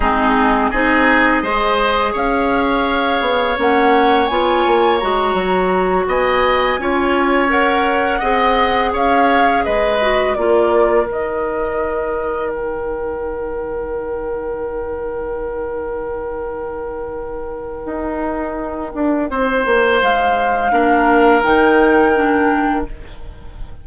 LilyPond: <<
  \new Staff \with { instrumentName = "flute" } { \time 4/4 \tempo 4 = 84 gis'4 dis''2 f''4~ | f''4 fis''4 gis''4 ais''4~ | ais''8 gis''2 fis''4.~ | fis''8 f''4 dis''4 d''4 dis''8~ |
dis''4. g''2~ g''8~ | g''1~ | g''1 | f''2 g''2 | }
  \new Staff \with { instrumentName = "oboe" } { \time 4/4 dis'4 gis'4 c''4 cis''4~ | cis''1~ | cis''8 dis''4 cis''2 dis''8~ | dis''8 cis''4 b'4 ais'4.~ |
ais'1~ | ais'1~ | ais'2. c''4~ | c''4 ais'2. | }
  \new Staff \with { instrumentName = "clarinet" } { \time 4/4 c'4 dis'4 gis'2~ | gis'4 cis'4 f'4 fis'4~ | fis'4. f'4 ais'4 gis'8~ | gis'2 fis'8 f'4 dis'8~ |
dis'1~ | dis'1~ | dis'1~ | dis'4 d'4 dis'4 d'4 | }
  \new Staff \with { instrumentName = "bassoon" } { \time 4/4 gis4 c'4 gis4 cis'4~ | cis'8 b8 ais4 b8 ais8 gis8 fis8~ | fis8 b4 cis'2 c'8~ | c'8 cis'4 gis4 ais4 dis8~ |
dis1~ | dis1~ | dis4 dis'4. d'8 c'8 ais8 | gis4 ais4 dis2 | }
>>